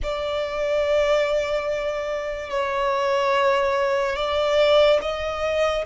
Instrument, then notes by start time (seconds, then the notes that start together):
violin
0.02 D5
2.50 C#5
4.16 D5
5.02 D#5